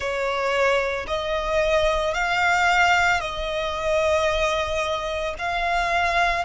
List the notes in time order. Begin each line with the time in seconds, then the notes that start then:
0.00 C#5
1.07 D#5
2.14 F5
3.20 D#5
5.38 F5